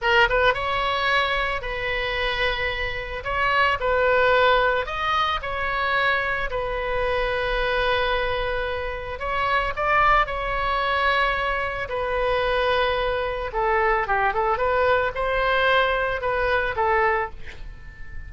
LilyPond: \new Staff \with { instrumentName = "oboe" } { \time 4/4 \tempo 4 = 111 ais'8 b'8 cis''2 b'4~ | b'2 cis''4 b'4~ | b'4 dis''4 cis''2 | b'1~ |
b'4 cis''4 d''4 cis''4~ | cis''2 b'2~ | b'4 a'4 g'8 a'8 b'4 | c''2 b'4 a'4 | }